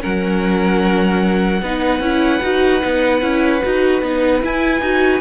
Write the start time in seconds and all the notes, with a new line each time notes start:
0.00 F#3 C#4 A#4 F#5
1.62 B3 D#4 B4
1.99 C#4 E4
2.42 D#4 F#4
2.80 B3 D#4
3.21 C#4 E4
3.62 D#4 F#4
4.02 B3 D#4
4.41 E4 G#5
4.80 D#4 F#4